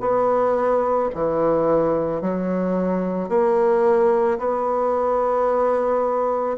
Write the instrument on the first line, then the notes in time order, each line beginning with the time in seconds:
bassoon
0.00 B3
1.15 E3
2.21 F#3
3.29 A#3
4.38 B3